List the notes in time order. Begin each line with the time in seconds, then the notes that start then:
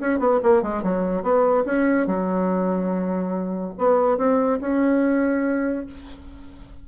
0.00 C#4
0.19 B3
0.43 A#3
0.62 G#3
0.83 F#3
1.23 B3
1.65 C#4
2.07 F#3
3.78 B3
4.17 C4
4.61 C#4